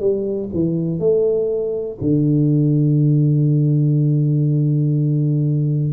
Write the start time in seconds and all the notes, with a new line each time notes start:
0.00 G3
0.54 E3
0.99 A3
2.01 D3